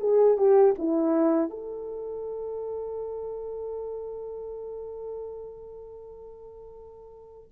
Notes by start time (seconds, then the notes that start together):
0.00 G#4
0.38 G4
0.78 E4
1.50 A4